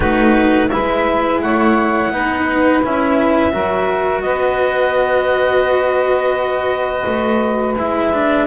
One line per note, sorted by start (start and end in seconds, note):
0.00 0.70 A3
0.00 0.68 D#4
0.00 0.67 F#4
0.00 0.69 B4
0.69 1.41 G#3
0.69 2.12 E4
0.69 1.42 B4
0.69 1.39 E5
1.41 2.09 A3
1.41 2.12 C#5
1.41 2.82 F#5
2.09 2.80 B3
2.09 2.83 D#4
2.09 3.52 B4
2.83 3.53 C#4
2.83 3.51 E4
2.83 4.21 E5
3.51 4.21 F#3
3.51 7.75 F#4
3.51 4.22 A#4
4.21 7.04 B3
4.21 8.46 B4
4.21 7.74 D#5
7.06 7.76 A3
7.76 8.46 G#3
7.76 8.13 E4
7.76 8.46 E5
8.13 8.46 D4